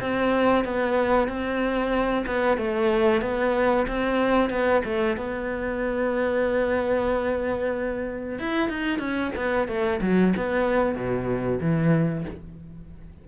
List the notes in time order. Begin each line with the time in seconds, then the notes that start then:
0.00 C4
0.64 B3
1.28 C4
2.26 B3
2.57 A3
3.21 B3
3.87 C4
4.50 B3
4.84 A3
5.16 B3
8.38 E4
8.69 D#4
8.99 C#4
9.35 B3
9.67 A3
10.01 F#3
10.36 B3
10.94 B2
11.60 E3